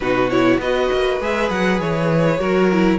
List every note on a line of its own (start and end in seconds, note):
0.00 0.58 B2
0.00 0.30 D#4
0.00 0.61 F#4
0.00 0.30 B4
0.30 0.60 E4
0.30 0.60 C#5
0.58 0.88 B3
0.58 1.21 F#4
0.58 2.40 B4
0.58 1.20 D#5
0.92 1.20 A#3
1.20 1.50 G#3
1.20 2.39 G#4
1.20 1.50 E5
1.50 1.79 F#3
1.50 1.79 F#5
1.79 2.39 E3
1.79 2.99 C#5
2.39 2.99 F#3
2.39 2.69 F#4
2.39 2.99 A#4
2.71 2.99 E4